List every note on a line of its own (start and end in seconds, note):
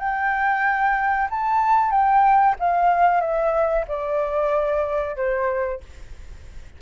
0.00 1.29 G5
1.31 1.91 A5
1.91 2.56 G5
2.60 3.21 F5
3.21 3.86 E5
3.88 5.17 D5
5.17 5.81 C5